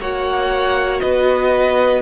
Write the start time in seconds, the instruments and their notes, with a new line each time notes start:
0.00 cello A#3, viola F#4, violin C#5 F#5
1.01 cello B3, violin B4 D#5